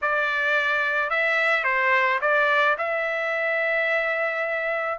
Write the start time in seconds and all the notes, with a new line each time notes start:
0.01 D5
1.10 E5
1.64 C5
2.21 D5
2.78 E5